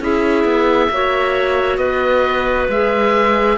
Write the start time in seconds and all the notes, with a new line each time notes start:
0.00 C#4 E4 G#4 E5
0.44 B3
0.90 A#3 F#4 C#5
1.77 B3 B4 D#5
2.68 G#3 G#4 E5